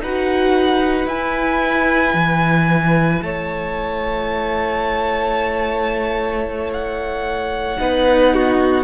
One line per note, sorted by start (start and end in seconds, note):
0.00 1.07 D#4
0.00 1.08 F#4
0.00 3.23 B4
0.00 1.08 F#5
1.07 2.13 E4
1.07 7.78 E4
1.07 3.22 G#5
2.13 3.21 E3
3.22 7.77 A3
3.22 7.79 C#5
3.22 6.70 A5
6.73 8.84 F#5
7.78 8.84 B3
7.78 8.84 D#4
7.78 8.33 B4
8.33 8.84 F#4